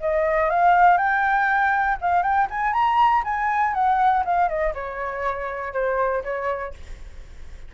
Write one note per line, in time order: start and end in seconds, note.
0.00 0.50 D#5
0.50 0.97 F5
0.97 1.97 G5
2.01 2.23 F5
2.23 2.48 G5
2.50 2.73 G#5
2.73 3.23 A#5
3.24 3.74 G#5
3.74 4.24 F#5
4.25 4.48 F5
4.48 4.73 D#5
4.74 5.73 C#5
5.73 6.23 C5
6.24 6.74 C#5